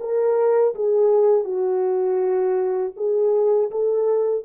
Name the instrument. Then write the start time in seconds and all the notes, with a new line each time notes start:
horn
0.00 A#4
0.75 G#4
1.44 F#4
2.96 G#4
3.71 A4